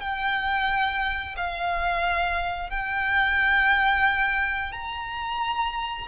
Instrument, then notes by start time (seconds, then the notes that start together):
violin
0.00 G5
1.36 F5
2.70 G5
4.72 A#5